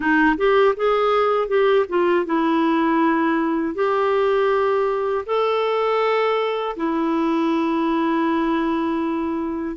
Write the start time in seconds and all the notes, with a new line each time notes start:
0.00 D#4
0.37 G4
0.76 G#4
1.48 G4
1.88 F4
2.25 E4
3.75 G4
5.25 A4
6.76 E4